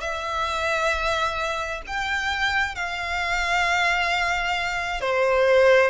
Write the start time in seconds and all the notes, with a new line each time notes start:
0.00 E5
1.87 G5
2.75 F5
5.00 C5